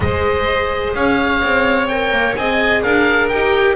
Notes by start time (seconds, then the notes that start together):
0.00 G#3 G#4 C5 D#5
0.94 C#4 C#5 F5
1.43 C4
1.88 A#4 G5
2.12 A#3
2.36 C4 G#4 D#5 G#5
2.82 D4 A#4 F5
3.28 D#4 G4 G5